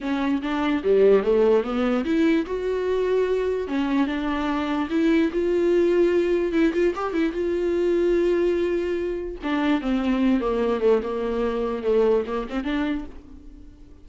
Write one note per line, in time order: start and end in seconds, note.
0.01 0.41 C#4
0.41 0.82 D4
0.83 1.23 G3
1.23 1.63 A3
1.63 2.04 B3
2.04 2.45 E4
2.46 3.67 F#4
3.67 4.06 C#4
4.06 4.88 D4
4.90 5.31 E4
5.32 6.52 F4
6.52 6.72 E4
6.73 6.93 F4
6.95 7.13 G4
7.13 7.32 E4
7.32 9.36 F4
9.43 9.81 D4
9.81 10.40 C4
10.40 10.81 A#3
10.81 11.01 A3
11.03 11.83 A#3
11.83 12.23 A3
12.26 12.47 A#3
12.49 12.63 C4
12.63 13.04 D4